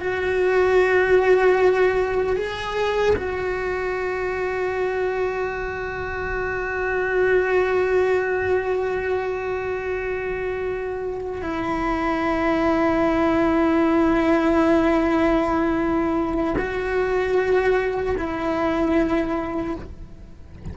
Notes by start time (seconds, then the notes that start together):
0.00 F#4
2.36 G#4
3.16 F#4
11.42 E4
16.58 F#4
18.17 E4